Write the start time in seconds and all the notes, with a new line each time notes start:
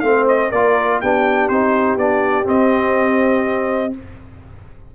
0.00 A3 C4 C5 F5
0.28 D#5
0.50 A#3 F4 A#4 D5
1.01 B3 D4 G4 G5
1.48 C4 D#4 C5
1.96 B3 D4 D5
2.44 C4 D#5